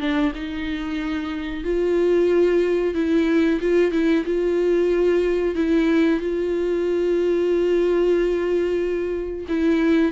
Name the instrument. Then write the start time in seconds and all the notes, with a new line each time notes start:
viola
0.00 D4
0.35 D#4
1.64 F4
2.95 E4
3.61 F4
3.92 E4
4.26 F4
5.55 E4
6.20 F4
9.49 E4